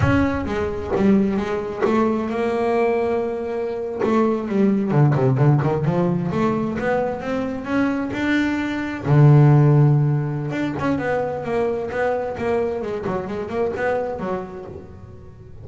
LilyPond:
\new Staff \with { instrumentName = "double bass" } { \time 4/4 \tempo 4 = 131 cis'4 gis4 g4 gis4 | a4 ais2.~ | ais8. a4 g4 d8 c8 d16~ | d16 dis8 f4 a4 b4 c'16~ |
c'8. cis'4 d'2 d16~ | d2. d'8 cis'8 | b4 ais4 b4 ais4 | gis8 fis8 gis8 ais8 b4 fis4 | }